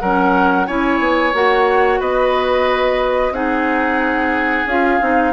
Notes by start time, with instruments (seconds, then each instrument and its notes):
0.00 bassoon F#3, clarinet C#4, oboe A#4, flute F#5
0.67 bassoon C#4, clarinet E4, oboe C#5, flute G#5
1.00 bassoon B3
1.34 bassoon A#3, clarinet F#4, flute F#5
2.00 bassoon B3, oboe B4, flute D#5
3.31 bassoon C4, clarinet D#4, oboe G#4, flute F#5
4.66 bassoon C#4, clarinet F4, flute F5
5.01 bassoon C4, clarinet D#4